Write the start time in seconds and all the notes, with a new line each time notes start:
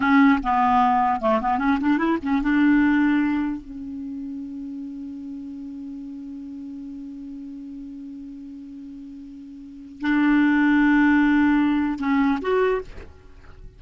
0.00 C#4
0.43 B3
1.21 A3
1.41 B3
1.58 C#4
1.80 D4
1.97 E4
2.22 C#4
2.42 D4
3.61 C#4
10.01 D4
11.99 C#4
12.41 F#4